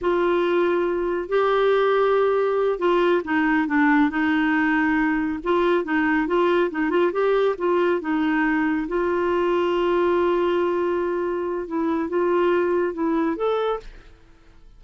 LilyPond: \new Staff \with { instrumentName = "clarinet" } { \time 4/4 \tempo 4 = 139 f'2. g'4~ | g'2~ g'8 f'4 dis'8~ | dis'8 d'4 dis'2~ dis'8~ | dis'8 f'4 dis'4 f'4 dis'8 |
f'8 g'4 f'4 dis'4.~ | dis'8 f'2.~ f'8~ | f'2. e'4 | f'2 e'4 a'4 | }